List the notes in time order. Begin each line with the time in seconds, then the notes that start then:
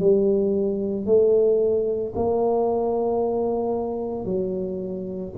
0.00 G3
1.06 A3
2.15 A#3
4.25 F#3